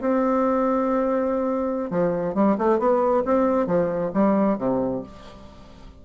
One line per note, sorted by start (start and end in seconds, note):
0.00 1.90 C4
1.90 2.34 F3
2.34 2.57 G3
2.58 2.78 A3
2.78 3.23 B3
3.25 3.67 C4
3.67 4.11 F3
4.13 4.58 G3
4.58 5.02 C3